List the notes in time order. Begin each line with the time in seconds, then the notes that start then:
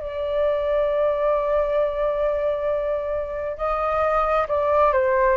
0.00 D5
3.57 D#5
4.48 D5
4.93 C5